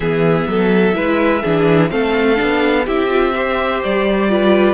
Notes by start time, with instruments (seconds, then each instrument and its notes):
0.00 cello E3, viola B3, violin G#4 E5
0.47 cello F#3, violin A4
0.93 cello G#3, viola E4, violin B4
1.42 cello E3, viola D4, violin G#4
1.89 cello A3, viola C4, violin A4 F5
2.36 cello B3, viola D4
2.85 cello C4, viola E4, violin G4 E5
3.08 viola F4
3.35 viola G4, violin C5
3.83 cello G3, violin D5
4.29 viola F4, violin B4